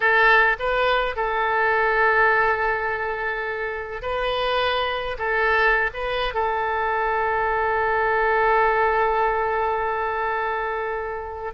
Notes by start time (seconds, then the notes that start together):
0.00 A4
0.59 B4
1.16 A4
4.01 B4
5.18 A4
5.93 B4
6.33 A4